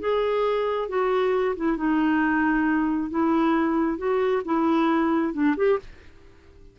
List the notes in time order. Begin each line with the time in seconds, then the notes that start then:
0.00 G#4
0.89 F#4
1.56 E4
1.77 D#4
3.10 E4
3.98 F#4
4.45 E4
5.33 D4
5.57 G4